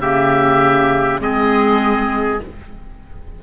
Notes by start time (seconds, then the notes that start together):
0.00 C#3 A#3 G4 E5
1.20 G#3 C4 G#4 D#5